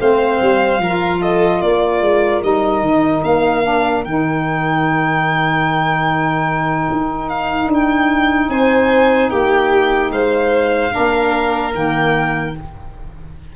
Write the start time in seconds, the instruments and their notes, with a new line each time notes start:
0.00 tuba A3, saxophone C4, violin C5 F5
0.42 tuba G3
0.79 tuba F3, violin A#4
0.85 saxophone F4
1.21 violin A4 D#5
1.61 tuba A#3, violin A#4 D5
2.01 tuba G#3
2.42 tuba G3, saxophone D#4, violin D#5
2.81 tuba D#3
3.24 tuba A#3, violin F5
3.64 saxophone D4
4.05 tuba D#3, saxophone D#4, violin G5
6.92 tuba D#4
7.29 violin F5
7.67 tuba D4
7.74 violin G5
8.49 tuba C4, violin C5 G#5
9.30 tuba A#3, violin G4 G5
10.11 tuba G#3, violin C5 F5
10.91 saxophone D4, violin A#4
10.97 tuba A#3
11.73 tuba D#3, saxophone A#3, violin G5